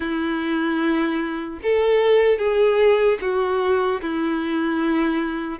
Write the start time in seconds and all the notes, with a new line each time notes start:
0.00 E4
1.62 A4
2.38 G#4
3.21 F#4
4.01 E4